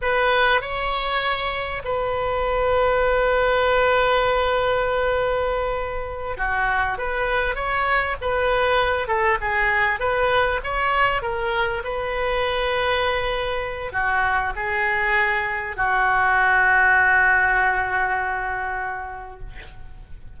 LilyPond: \new Staff \with { instrumentName = "oboe" } { \time 4/4 \tempo 4 = 99 b'4 cis''2 b'4~ | b'1~ | b'2~ b'8 fis'4 b'8~ | b'8 cis''4 b'4. a'8 gis'8~ |
gis'8 b'4 cis''4 ais'4 b'8~ | b'2. fis'4 | gis'2 fis'2~ | fis'1 | }